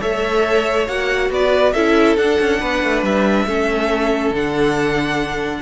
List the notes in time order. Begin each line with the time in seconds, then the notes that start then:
0.00 A3 A4 C#5 E5
0.87 A#3 F#4 F#5
1.30 B3 B4 D5
1.73 C#4 E4 A4 E5
2.17 D4 F#5
2.40 C#4
2.60 B3 B4
2.84 A3
3.03 G3 E5
3.46 A3 C#4 A4
4.31 D3 D4 F#5